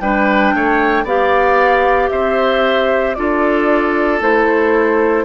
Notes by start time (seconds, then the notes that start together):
0.00 G3 D4 B4 G5
0.54 A3 C#5
1.04 B3 G4 D5 F5
2.09 C4 C5 E5
3.14 D4 F4 A4 D5
4.20 A3 E4 C5